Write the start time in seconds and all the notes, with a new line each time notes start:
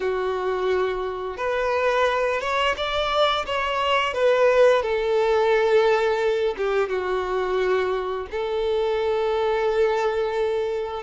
0.00 F#4
1.37 B4
2.40 C#5
2.76 D5
3.46 C#5
4.13 B4
4.82 A4
6.57 G4
6.88 F#4
8.31 A4